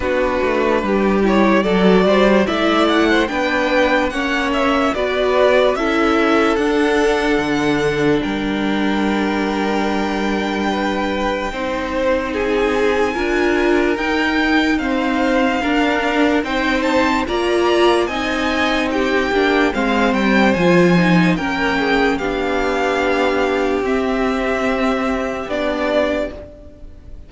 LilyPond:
<<
  \new Staff \with { instrumentName = "violin" } { \time 4/4 \tempo 4 = 73 b'4. cis''8 d''4 e''8 fis''8 | g''4 fis''8 e''8 d''4 e''4 | fis''2 g''2~ | g''2. gis''4~ |
gis''4 g''4 f''2 | g''8 a''8 ais''4 gis''4 g''4 | f''8 g''8 gis''4 g''4 f''4~ | f''4 e''2 d''4 | }
  \new Staff \with { instrumentName = "violin" } { \time 4/4 fis'4 g'4 a'8 c''8 d''8. c''16 | b'4 cis''4 b'4 a'4~ | a'2 ais'2~ | ais'4 b'4 c''4 gis'4 |
ais'2 c''4 ais'4 | c''4 d''4 dis''4 g'4 | c''2 ais'8 gis'8 g'4~ | g'1 | }
  \new Staff \with { instrumentName = "viola" } { \time 4/4 d'4. e'8 fis'4 e'4 | d'4 cis'4 fis'4 e'4 | d'1~ | d'2 dis'2 |
f'4 dis'4 c'4 d'4 | dis'4 f'4 dis'4. d'8 | c'4 f'8 dis'8 cis'4 d'4~ | d'4 c'2 d'4 | }
  \new Staff \with { instrumentName = "cello" } { \time 4/4 b8 a8 g4 fis8 g8 a4 | b4 ais4 b4 cis'4 | d'4 d4 g2~ | g2 c'2 |
d'4 dis'2 d'4 | c'4 ais4 c'4. ais8 | gis8 g8 f4 ais4 b4~ | b4 c'2 b4 | }
>>